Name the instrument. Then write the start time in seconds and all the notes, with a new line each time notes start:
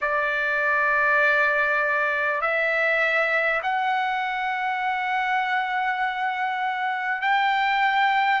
trumpet
0.01 D5
2.41 E5
3.63 F#5
7.21 G5